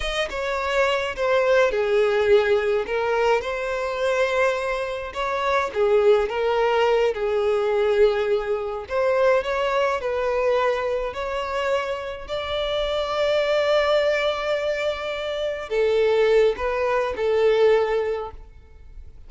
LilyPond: \new Staff \with { instrumentName = "violin" } { \time 4/4 \tempo 4 = 105 dis''8 cis''4. c''4 gis'4~ | gis'4 ais'4 c''2~ | c''4 cis''4 gis'4 ais'4~ | ais'8 gis'2. c''8~ |
c''8 cis''4 b'2 cis''8~ | cis''4. d''2~ d''8~ | d''2.~ d''8 a'8~ | a'4 b'4 a'2 | }